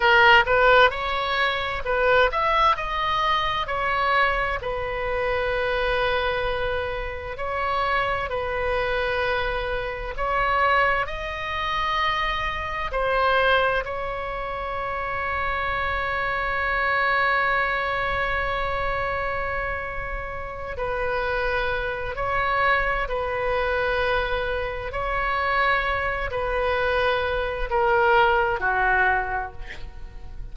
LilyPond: \new Staff \with { instrumentName = "oboe" } { \time 4/4 \tempo 4 = 65 ais'8 b'8 cis''4 b'8 e''8 dis''4 | cis''4 b'2. | cis''4 b'2 cis''4 | dis''2 c''4 cis''4~ |
cis''1~ | cis''2~ cis''8 b'4. | cis''4 b'2 cis''4~ | cis''8 b'4. ais'4 fis'4 | }